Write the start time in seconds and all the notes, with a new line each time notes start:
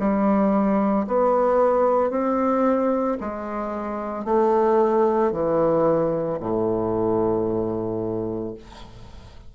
0.00 G3
1.07 B3
2.10 C4
3.20 G#3
4.25 A3
5.32 E3
6.40 A2